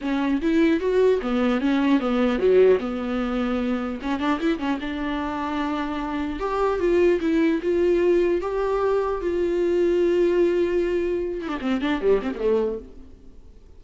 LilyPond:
\new Staff \with { instrumentName = "viola" } { \time 4/4 \tempo 4 = 150 cis'4 e'4 fis'4 b4 | cis'4 b4 fis4 b4~ | b2 cis'8 d'8 e'8 cis'8 | d'1 |
g'4 f'4 e'4 f'4~ | f'4 g'2 f'4~ | f'1~ | f'8 e'16 d'16 c'8 d'8 g8 c'16 ais16 a4 | }